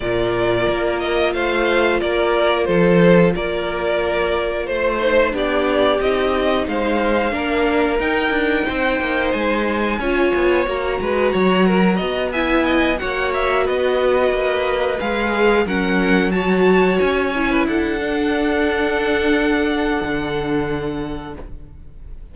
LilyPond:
<<
  \new Staff \with { instrumentName = "violin" } { \time 4/4 \tempo 4 = 90 d''4. dis''8 f''4 d''4 | c''4 d''2 c''4 | d''4 dis''4 f''2 | g''2 gis''2 |
ais''2~ ais''8 gis''4 fis''8 | e''8 dis''2 f''4 fis''8~ | fis''8 a''4 gis''4 fis''4.~ | fis''1 | }
  \new Staff \with { instrumentName = "violin" } { \time 4/4 ais'2 c''4 ais'4 | a'4 ais'2 c''4 | g'2 c''4 ais'4~ | ais'4 c''2 cis''4~ |
cis''8 b'8 cis''8 ais'8 dis''8 e''8 dis''8 cis''8~ | cis''8 b'2. ais'8~ | ais'8 cis''4.~ cis''16 b'16 a'4.~ | a'1 | }
  \new Staff \with { instrumentName = "viola" } { \time 4/4 f'1~ | f'2.~ f'8 dis'8 | d'4 dis'2 d'4 | dis'2. f'4 |
fis'2~ fis'8 e'4 fis'8~ | fis'2~ fis'8 gis'4 cis'8~ | cis'8 fis'4. e'4 d'4~ | d'1 | }
  \new Staff \with { instrumentName = "cello" } { \time 4/4 ais,4 ais4 a4 ais4 | f4 ais2 a4 | b4 c'4 gis4 ais4 | dis'8 d'8 c'8 ais8 gis4 cis'8 b8 |
ais8 gis8 fis4 b4. ais8~ | ais8 b4 ais4 gis4 fis8~ | fis4. cis'4 d'4.~ | d'2 d2 | }
>>